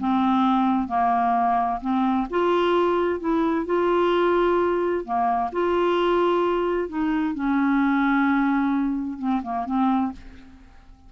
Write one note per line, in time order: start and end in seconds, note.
0.00 0.88 C4
0.88 1.80 A#3
1.81 2.27 C4
2.30 3.20 F4
3.20 3.66 E4
3.66 5.05 F4
5.05 5.51 A#3
5.52 6.89 F4
6.89 7.35 D#4
7.35 9.19 C#4
9.19 9.42 C4
9.43 9.66 A#3
9.66 10.12 C4